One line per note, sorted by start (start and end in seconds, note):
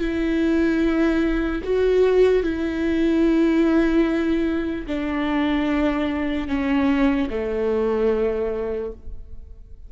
0.00 1.62 E4
1.64 2.43 F#4
2.43 4.86 E4
4.87 6.48 D4
6.48 7.29 C#4
7.30 8.92 A3